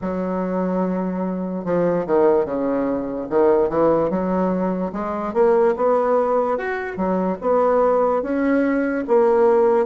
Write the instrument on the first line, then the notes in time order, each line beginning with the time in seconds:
bassoon
0.01 F#3
1.64 F3
2.06 D#3
2.45 C#3
3.29 D#3
3.69 E3
4.09 F#3
4.92 G#3
5.33 A#3
5.76 B3
6.57 F#4
6.96 F#3
7.41 B3
8.22 C#4
9.07 A#3